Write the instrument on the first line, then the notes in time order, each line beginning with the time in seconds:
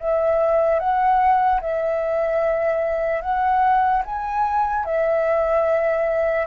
flute
0.00 E5
0.80 F#5
1.61 E5
3.22 F#5
4.06 G#5
4.85 E5